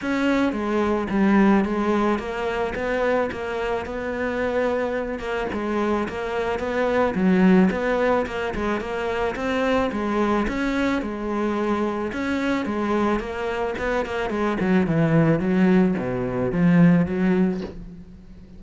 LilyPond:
\new Staff \with { instrumentName = "cello" } { \time 4/4 \tempo 4 = 109 cis'4 gis4 g4 gis4 | ais4 b4 ais4 b4~ | b4. ais8 gis4 ais4 | b4 fis4 b4 ais8 gis8 |
ais4 c'4 gis4 cis'4 | gis2 cis'4 gis4 | ais4 b8 ais8 gis8 fis8 e4 | fis4 b,4 f4 fis4 | }